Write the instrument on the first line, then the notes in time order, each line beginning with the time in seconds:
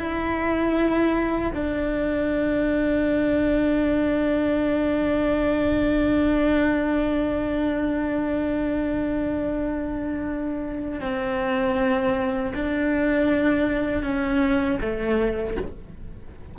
cello
0.00 E4
1.55 D4
11.01 C4
12.55 D4
14.03 C#4
14.81 A3